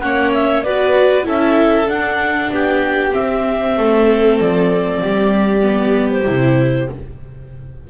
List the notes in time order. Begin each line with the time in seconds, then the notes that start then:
0.00 A#3 C#4 C#5 F#5
0.33 E5
0.63 B3 F#4 B4 D5
1.23 C#4 E4 A4 E5
1.87 D4 F#5
2.50 B3 G4 G5
3.11 C4 E5
3.77 A3 A4
4.40 F3 D5
5.02 G3 G4
5.61 B3
6.11 C5
6.26 C3 E4